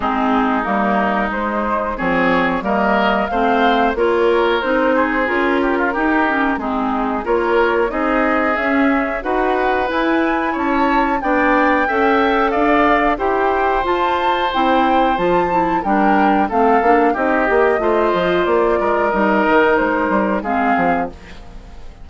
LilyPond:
<<
  \new Staff \with { instrumentName = "flute" } { \time 4/4 \tempo 4 = 91 gis'4 ais'4 c''4 cis''4 | dis''4 f''4 cis''4 c''4 | ais'2 gis'4 cis''4 | dis''4 e''4 fis''4 gis''4 |
a''4 g''2 f''4 | g''4 a''4 g''4 a''4 | g''4 f''4 dis''2 | d''4 dis''4 c''4 f''4 | }
  \new Staff \with { instrumentName = "oboe" } { \time 4/4 dis'2. gis'4 | ais'4 c''4 ais'4. gis'8~ | gis'8 g'16 f'16 g'4 dis'4 ais'4 | gis'2 b'2 |
cis''4 d''4 e''4 d''4 | c''1 | ais'4 a'4 g'4 c''4~ | c''8 ais'2~ ais'8 gis'4 | }
  \new Staff \with { instrumentName = "clarinet" } { \time 4/4 c'4 ais4 gis4 c'4 | ais4 c'4 f'4 dis'4 | f'4 dis'8 cis'8 c'4 f'4 | dis'4 cis'4 fis'4 e'4~ |
e'4 d'4 a'2 | g'4 f'4 e'4 f'8 e'8 | d'4 c'8 d'8 dis'8 g'8 f'4~ | f'4 dis'2 c'4 | }
  \new Staff \with { instrumentName = "bassoon" } { \time 4/4 gis4 g4 gis4 f4 | g4 a4 ais4 c'4 | cis'4 dis'4 gis4 ais4 | c'4 cis'4 dis'4 e'4 |
cis'4 b4 cis'4 d'4 | e'4 f'4 c'4 f4 | g4 a8 ais8 c'8 ais8 a8 f8 | ais8 gis8 g8 dis8 gis8 g8 gis8 f8 | }
>>